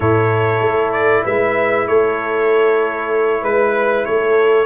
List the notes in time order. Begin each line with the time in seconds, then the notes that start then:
0.00 A2 E4 A4 C#5
0.61 A3
0.92 D5
1.24 G#3 B4 E5
1.87 A3 A4 C#5
3.42 G#3 B4
4.05 A3 A4 C#5